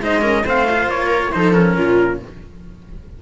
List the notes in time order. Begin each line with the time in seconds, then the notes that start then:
0.00 G#3 D#4 C5 D#5
0.21 C#4 A#4
0.44 A3 C4 C5 F5
0.70 F4
0.87 A#3 C#5
1.06 A#4
1.32 F3 D#4 A4 C5
1.53 C#4 A#4
1.76 A#2 F4